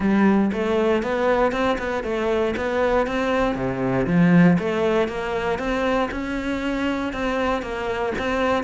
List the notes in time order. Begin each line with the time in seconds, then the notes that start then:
0.00 G3
0.52 A3
1.02 B3
1.52 C4
1.78 B3
2.03 A3
2.56 B3
3.06 C4
3.55 C3
4.06 F3
4.58 A3
5.08 A#3
5.58 C4
6.11 C#4
7.13 C4
7.62 A#3
8.18 C4